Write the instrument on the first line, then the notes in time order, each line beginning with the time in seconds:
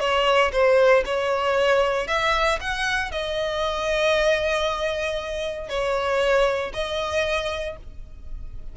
violin
0.00 C#5
0.52 C5
1.06 C#5
2.08 E5
2.61 F#5
3.12 D#5
5.69 C#5
6.74 D#5